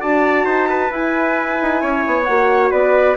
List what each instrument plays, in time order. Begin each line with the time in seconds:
0.00 bassoon D4, horn F#4, trumpet D5, flute A5
0.45 bassoon D#4, trumpet C5
0.69 trumpet B4
0.90 horn E4, bassoon E4, flute G#5
1.61 bassoon D#4
1.81 bassoon C#4, trumpet C#5
2.06 bassoon B3
2.23 bassoon A#3, horn F#4, flute F#5
2.71 bassoon B3, trumpet B4, flute D5